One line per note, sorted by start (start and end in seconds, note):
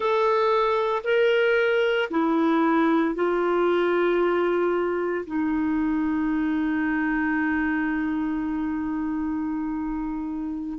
0.00 1.02 A4
1.03 2.09 A#4
2.10 3.14 E4
3.14 5.25 F4
5.26 10.78 D#4